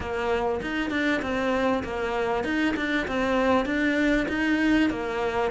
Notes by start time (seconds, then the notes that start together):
0.00 A#3
0.61 D#4
0.90 D4
1.22 C4
1.83 A#3
2.44 D#4
2.76 D4
3.07 C4
3.65 D4
4.28 D#4
4.90 A#3